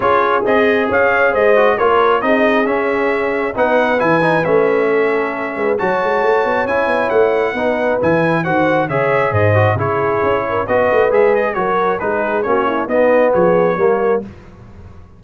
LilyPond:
<<
  \new Staff \with { instrumentName = "trumpet" } { \time 4/4 \tempo 4 = 135 cis''4 dis''4 f''4 dis''4 | cis''4 dis''4 e''2 | fis''4 gis''4 e''2~ | e''4 a''2 gis''4 |
fis''2 gis''4 fis''4 | e''4 dis''4 cis''2 | dis''4 e''8 dis''8 cis''4 b'4 | cis''4 dis''4 cis''2 | }
  \new Staff \with { instrumentName = "horn" } { \time 4/4 gis'2 cis''4 c''4 | ais'4 gis'2. | b'2. a'4~ | a'8 b'8 cis''2.~ |
cis''4 b'2 c''4 | cis''4 c''4 gis'4. ais'8 | b'2 ais'4 gis'4 | fis'8 e'8 dis'4 gis'4 ais'4 | }
  \new Staff \with { instrumentName = "trombone" } { \time 4/4 f'4 gis'2~ gis'8 fis'8 | f'4 dis'4 cis'2 | dis'4 e'8 dis'8 cis'2~ | cis'4 fis'2 e'4~ |
e'4 dis'4 e'4 fis'4 | gis'4. fis'8 e'2 | fis'4 gis'4 fis'4 dis'4 | cis'4 b2 ais4 | }
  \new Staff \with { instrumentName = "tuba" } { \time 4/4 cis'4 c'4 cis'4 gis4 | ais4 c'4 cis'2 | b4 e4 a2~ | a8 gis8 fis8 gis8 a8 b8 cis'8 b8 |
a4 b4 e4 dis4 | cis4 gis,4 cis4 cis'4 | b8 a8 gis4 fis4 gis4 | ais4 b4 f4 g4 | }
>>